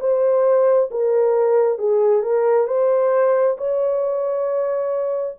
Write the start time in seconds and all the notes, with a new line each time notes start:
0.00 C5
0.91 A#4
1.78 G#4
2.22 A#4
2.67 C5
3.57 C#5